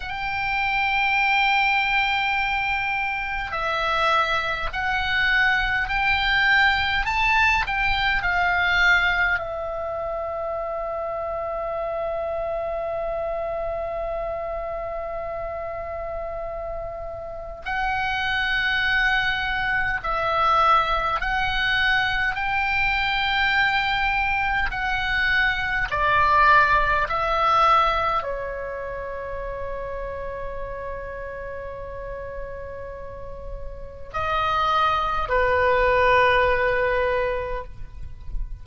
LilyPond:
\new Staff \with { instrumentName = "oboe" } { \time 4/4 \tempo 4 = 51 g''2. e''4 | fis''4 g''4 a''8 g''8 f''4 | e''1~ | e''2. fis''4~ |
fis''4 e''4 fis''4 g''4~ | g''4 fis''4 d''4 e''4 | cis''1~ | cis''4 dis''4 b'2 | }